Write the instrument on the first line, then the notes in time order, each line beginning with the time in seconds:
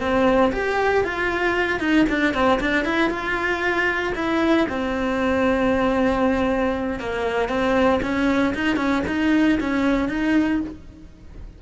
cello
0.00 C4
0.52 G4
1.04 F4
1.79 D#4
2.09 D4
2.34 C4
2.60 D4
2.84 E4
3.10 F4
4.15 E4
4.69 C4
6.99 A#3
7.48 C4
8.02 C#4
8.54 D#4
8.76 C#4
9.07 D#4
9.60 C#4
10.09 D#4